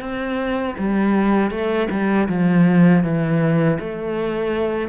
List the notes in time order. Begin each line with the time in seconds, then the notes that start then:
0.00 C4
0.77 G3
1.50 A3
1.90 G3
2.28 F3
3.03 E3
3.79 A3